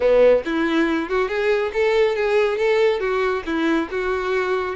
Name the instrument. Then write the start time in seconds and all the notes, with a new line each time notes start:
violin
0.00 B3
0.45 E4
1.09 F#4
1.28 G#4
1.73 A4
2.15 G#4
2.57 A4
3.00 F#4
3.45 E4
3.90 F#4